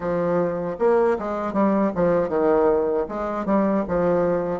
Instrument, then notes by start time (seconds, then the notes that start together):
bassoon
0.00 F3
0.78 A#3
1.18 G#3
1.53 G3
1.95 F3
2.29 D#3
3.08 G#3
3.45 G3
3.87 F3